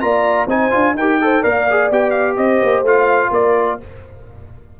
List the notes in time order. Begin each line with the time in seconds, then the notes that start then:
0.00 A#3 F4 D5 A#5
0.47 C4 D#4 C5 G#5
0.71 D4 F4
0.94 D#4 A#4 G5
1.01 G4
1.21 A4 C5
1.42 A#3 A#4 D5 F5
1.70 G#4
1.91 B3 G4 G5
2.10 F5
2.37 C4 C5 D#5
2.62 A#3
2.82 A3 F4 F5
3.30 A#3 A#4 D5